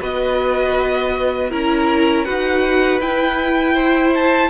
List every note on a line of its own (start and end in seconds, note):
0.00 1.52 B3
0.00 1.50 F#4
0.00 1.50 B4
0.00 1.52 D#5
1.50 2.27 C#4
1.50 2.25 E4
1.50 2.25 A#4
1.50 2.25 A#5
2.25 3.00 D#4
2.25 3.00 F#4
2.25 3.75 B4
2.25 3.00 F#5
3.00 4.50 E4
3.00 4.14 G5
3.75 4.50 C5
4.14 4.50 A5